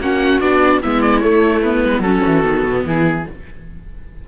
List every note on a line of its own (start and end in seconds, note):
0.00 0.41 A#3
0.00 0.41 C#4
0.00 0.82 F#4
0.00 0.41 F#5
0.41 0.81 B3
0.41 0.82 D4
0.41 0.81 D5
0.82 1.25 G#3
0.82 1.22 B3
0.82 2.04 E4
0.82 1.02 E5
1.02 1.20 D5
1.20 1.63 A3
1.20 1.85 A3
1.20 1.60 C#5
1.62 2.04 B3
1.62 2.02 B4
1.85 1.99 G#3
1.99 2.19 F#3
1.99 2.43 C#4
1.99 2.85 F#4
1.99 2.83 A4
2.27 2.44 E3
2.43 2.64 D#3
2.43 3.24 B3
2.64 2.84 B2
2.86 3.26 E3
2.86 3.26 E4
2.86 3.28 G#4